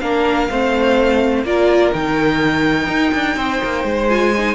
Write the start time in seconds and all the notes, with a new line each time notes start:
0.00 A#3 D4 A#4 F5
0.50 A3 C4 C5
1.43 A#3 F4 A#4 D5
1.93 D#3 D#4 G5
2.87 D#4
3.14 D4
3.36 C4 C5
3.64 A#3
3.84 G#3
4.09 F4 G#5
4.38 D#4